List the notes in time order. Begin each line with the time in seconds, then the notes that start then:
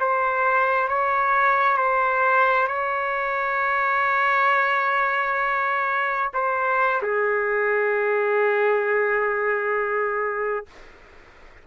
0.00 C5
0.88 C#5
1.77 C5
2.68 C#5
6.34 C5
7.02 G#4